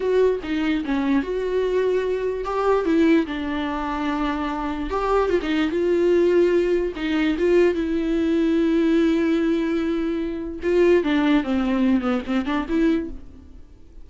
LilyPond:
\new Staff \with { instrumentName = "viola" } { \time 4/4 \tempo 4 = 147 fis'4 dis'4 cis'4 fis'4~ | fis'2 g'4 e'4 | d'1 | g'4 f'16 dis'8. f'2~ |
f'4 dis'4 f'4 e'4~ | e'1~ | e'2 f'4 d'4 | c'4. b8 c'8 d'8 e'4 | }